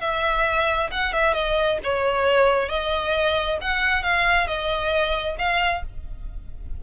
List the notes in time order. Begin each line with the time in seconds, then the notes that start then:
0.00 E5
0.91 F#5
1.13 E5
1.33 D#5
1.83 C#5
2.69 D#5
3.61 F#5
4.02 F5
4.47 D#5
5.38 F5